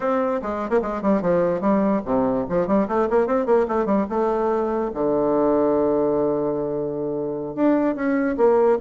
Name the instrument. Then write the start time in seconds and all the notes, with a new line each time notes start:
bassoon
0.00 C4
0.42 G#3
0.69 A#3
0.81 G#3
1.02 G3
1.21 F3
1.60 G3
2.05 C3
2.49 F3
2.67 G3
2.88 A3
3.09 A#3
3.27 C4
3.45 A#3
3.68 A3
3.85 G3
4.09 A3
4.94 D3
7.55 D4
7.95 C#4
8.37 A#3